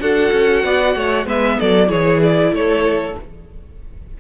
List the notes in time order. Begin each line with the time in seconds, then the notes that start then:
0.00 D4 F#4 A4 F#5
0.32 C#4
0.64 B3 D5
0.95 A3 C#5
1.26 G#3 B3 B4 E5
1.60 F#3 A4 D5
1.87 E3 E4 G#4 C#5
2.23 D5
2.52 A3 A4 C#5